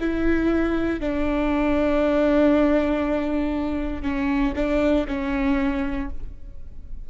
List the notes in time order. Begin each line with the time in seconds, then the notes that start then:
0.00 E4
1.00 D4
4.03 C#4
4.56 D4
5.08 C#4